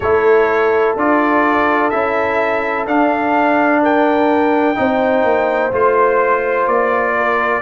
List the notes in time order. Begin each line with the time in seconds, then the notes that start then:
0.00 A3 E4 A4 C#5
0.95 D4 F4 D5
1.90 C#4 E4 E5
2.86 D4 F5
3.82 A#4 G5
4.75 C4 D#4 C5
5.23 A#3
5.71 A3 F4 C5
6.66 A#3 D5
7.15 A#4